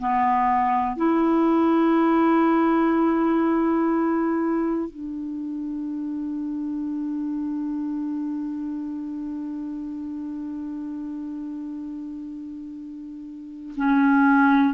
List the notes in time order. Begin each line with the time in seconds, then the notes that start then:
0.00 B3
0.97 E4
4.90 D4
13.77 C#4